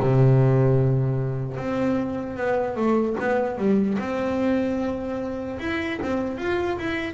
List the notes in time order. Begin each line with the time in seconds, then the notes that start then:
0.00 C3
1.57 C4
2.37 B3
2.77 A3
3.20 B3
3.58 G3
3.99 C4
5.60 E4
6.03 C4
6.38 F4
6.79 E4